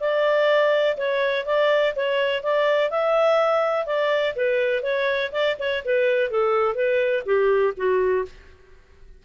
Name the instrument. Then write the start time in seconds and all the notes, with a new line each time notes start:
clarinet
0.00 D5
0.97 C#5
1.45 D5
1.95 C#5
2.43 D5
2.90 E5
3.86 D5
4.35 B4
4.83 C#5
5.32 D5
5.59 C#5
5.85 B4
6.30 A4
6.75 B4
7.25 G4
7.76 F#4